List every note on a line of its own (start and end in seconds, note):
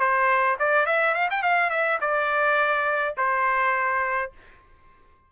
0.00 0.57 C5
0.60 0.86 D5
0.86 1.15 E5
1.15 1.29 F5
1.31 1.43 G5
1.43 1.70 F5
1.70 1.99 E5
2.01 3.16 D5
3.18 4.32 C5